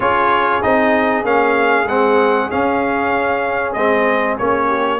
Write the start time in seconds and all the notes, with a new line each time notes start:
0.00 C#4 F4 G#4 C#5
0.62 C4 D#4 D#5
1.24 A#3 C#4 F5
1.85 G#3 C4 F#5
2.50 C#4 F5
3.73 G#3 C4 D#5
4.38 A#3 C#4 C#5
4.67 G4